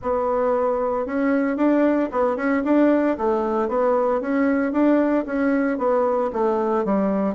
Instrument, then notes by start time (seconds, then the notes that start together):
bassoon
0.02 B3
1.06 C#4
1.56 D4
2.11 B3
2.36 C#4
2.64 D4
3.17 A3
3.68 B3
4.20 C#4
4.72 D4
5.25 C#4
5.78 B3
6.32 A3
6.84 G3